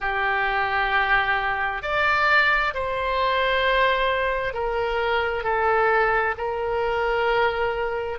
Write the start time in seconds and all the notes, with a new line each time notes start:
0.00 G4
1.82 D5
2.74 C5
4.53 A#4
5.43 A4
6.37 A#4